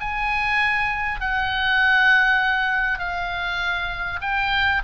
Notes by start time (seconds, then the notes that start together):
0.00 G#5
1.20 F#5
2.99 F5
4.21 G5